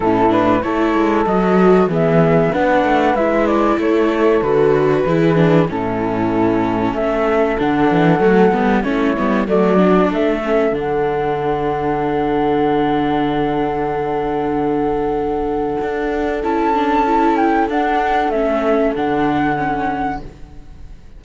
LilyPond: <<
  \new Staff \with { instrumentName = "flute" } { \time 4/4 \tempo 4 = 95 a'8 b'8 cis''4 dis''4 e''4 | fis''4 e''8 d''8 cis''4 b'4~ | b'4 a'2 e''4 | fis''2 cis''4 d''4 |
e''4 fis''2.~ | fis''1~ | fis''2 a''4. g''8 | fis''4 e''4 fis''2 | }
  \new Staff \with { instrumentName = "horn" } { \time 4/4 e'4 a'2 gis'4 | b'2 a'2 | gis'4 e'2 a'4~ | a'2 e'4 fis'4 |
a'1~ | a'1~ | a'1~ | a'1 | }
  \new Staff \with { instrumentName = "viola" } { \time 4/4 cis'8 d'8 e'4 fis'4 b4 | d'4 e'2 fis'4 | e'8 d'8 cis'2. | d'4 a8 b8 cis'8 b8 a8 d'8~ |
d'8 cis'8 d'2.~ | d'1~ | d'2 e'8 d'8 e'4 | d'4 cis'4 d'4 cis'4 | }
  \new Staff \with { instrumentName = "cello" } { \time 4/4 a,4 a8 gis8 fis4 e4 | b8 a8 gis4 a4 d4 | e4 a,2 a4 | d8 e8 fis8 g8 a8 g8 fis4 |
a4 d2.~ | d1~ | d4 d'4 cis'2 | d'4 a4 d2 | }
>>